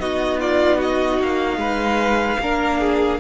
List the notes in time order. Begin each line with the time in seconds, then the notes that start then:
0.00 B3 D#4 F#4 D#5
0.40 F4 D5
0.78 F#4 D#5
1.21 A#3 F5
1.57 G#3 B4
2.40 A#3 D4 A#4
2.81 G#4